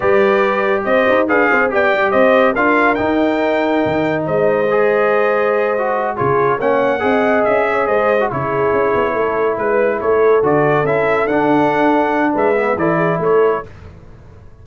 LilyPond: <<
  \new Staff \with { instrumentName = "trumpet" } { \time 4/4 \tempo 4 = 141 d''2 dis''4 f''4 | g''4 dis''4 f''4 g''4~ | g''2 dis''2~ | dis''2~ dis''8 cis''4 fis''8~ |
fis''4. e''4 dis''4 cis''8~ | cis''2~ cis''8 b'4 cis''8~ | cis''8 d''4 e''4 fis''4.~ | fis''4 e''4 d''4 cis''4 | }
  \new Staff \with { instrumentName = "horn" } { \time 4/4 b'2 c''4 b'8 c''8 | d''4 c''4 ais'2~ | ais'2 c''2~ | c''2~ c''8 gis'4 cis''8~ |
cis''8 dis''4. cis''8 c''4 gis'8~ | gis'4. a'4 b'4 a'8~ | a'1~ | a'4 b'4 a'8 gis'8 a'4 | }
  \new Staff \with { instrumentName = "trombone" } { \time 4/4 g'2. gis'4 | g'2 f'4 dis'4~ | dis'2. gis'4~ | gis'4. fis'4 f'4 cis'8~ |
cis'8 gis'2~ gis'8. fis'16 e'8~ | e'1~ | e'8 fis'4 e'4 d'4.~ | d'4. b8 e'2 | }
  \new Staff \with { instrumentName = "tuba" } { \time 4/4 g2 c'8 dis'8 d'8 c'8 | b8 g8 c'4 d'4 dis'4~ | dis'4 dis4 gis2~ | gis2~ gis8 cis4 ais8~ |
ais8 c'4 cis'4 gis4 cis8~ | cis8 cis'8 b8 a4 gis4 a8~ | a8 d4 cis'4 d'4.~ | d'4 gis4 e4 a4 | }
>>